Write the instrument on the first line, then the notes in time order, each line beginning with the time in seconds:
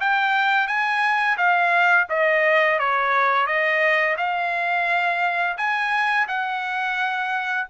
trumpet
0.00 G5
0.67 G#5
1.37 F5
2.09 D#5
2.79 C#5
3.46 D#5
4.17 F5
5.57 G#5
6.28 F#5